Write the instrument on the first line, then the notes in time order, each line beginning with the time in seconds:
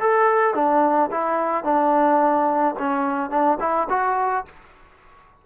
trombone
0.00 A4
0.55 D4
1.11 E4
1.64 D4
2.79 C#4
3.31 D4
3.60 E4
3.90 F#4